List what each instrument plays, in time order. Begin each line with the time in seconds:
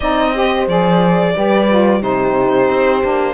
0.00 cello C4, saxophone D#4, horn D5, violin D#5
0.34 saxophone G4, horn C5
0.67 cello F3, saxophone G#4, violin D5
1.34 cello G3, saxophone G4, horn B4
1.68 saxophone F4
2.00 cello C3, saxophone D#4, horn G4, violin C5
2.69 cello C4
3.01 cello A#3, saxophone D4